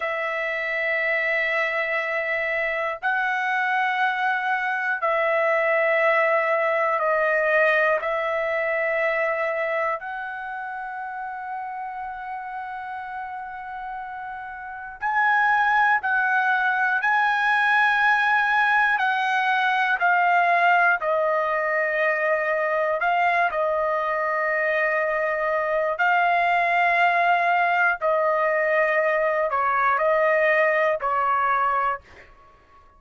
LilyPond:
\new Staff \with { instrumentName = "trumpet" } { \time 4/4 \tempo 4 = 60 e''2. fis''4~ | fis''4 e''2 dis''4 | e''2 fis''2~ | fis''2. gis''4 |
fis''4 gis''2 fis''4 | f''4 dis''2 f''8 dis''8~ | dis''2 f''2 | dis''4. cis''8 dis''4 cis''4 | }